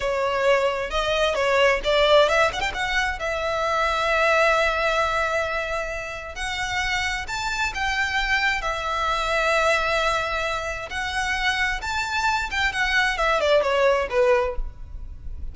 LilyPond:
\new Staff \with { instrumentName = "violin" } { \time 4/4 \tempo 4 = 132 cis''2 dis''4 cis''4 | d''4 e''8 fis''16 g''16 fis''4 e''4~ | e''1~ | e''2 fis''2 |
a''4 g''2 e''4~ | e''1 | fis''2 a''4. g''8 | fis''4 e''8 d''8 cis''4 b'4 | }